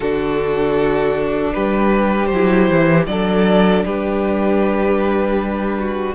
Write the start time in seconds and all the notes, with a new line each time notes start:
0.00 D3 D4 F#4 A4
1.53 G3 G4 B4
2.26 C5
2.32 F#3 E4
2.69 E3
3.06 F#3 D4 A4 D5
3.85 G3 G4 B4
5.78 F#4